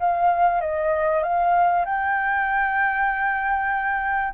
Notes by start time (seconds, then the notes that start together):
0.00 F5
0.61 D#5
1.24 F5
1.86 G5